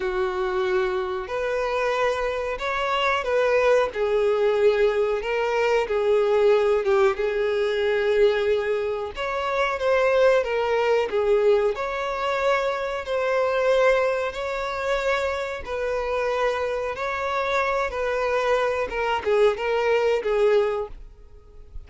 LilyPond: \new Staff \with { instrumentName = "violin" } { \time 4/4 \tempo 4 = 92 fis'2 b'2 | cis''4 b'4 gis'2 | ais'4 gis'4. g'8 gis'4~ | gis'2 cis''4 c''4 |
ais'4 gis'4 cis''2 | c''2 cis''2 | b'2 cis''4. b'8~ | b'4 ais'8 gis'8 ais'4 gis'4 | }